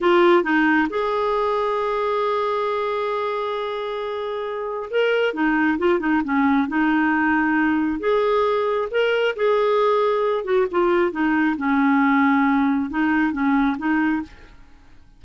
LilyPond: \new Staff \with { instrumentName = "clarinet" } { \time 4/4 \tempo 4 = 135 f'4 dis'4 gis'2~ | gis'1~ | gis'2. ais'4 | dis'4 f'8 dis'8 cis'4 dis'4~ |
dis'2 gis'2 | ais'4 gis'2~ gis'8 fis'8 | f'4 dis'4 cis'2~ | cis'4 dis'4 cis'4 dis'4 | }